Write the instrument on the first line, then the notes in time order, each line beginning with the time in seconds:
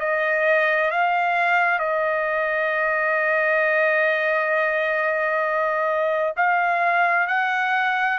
trumpet
0.00 D#5
0.91 F5
1.79 D#5
6.37 F5
7.28 F#5